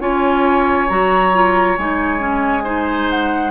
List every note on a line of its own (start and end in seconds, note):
0.00 0.88 C#4
0.00 0.88 F4
0.00 2.64 C#5
0.00 0.89 G#5
0.89 1.78 F#3
0.89 1.33 F#4
0.89 1.77 A#5
1.33 1.78 F4
1.78 3.51 G#3
1.78 2.19 D#4
1.78 3.10 G#5
2.19 2.63 C#4
2.64 3.51 D#4
2.64 3.51 C5
3.10 3.51 F#5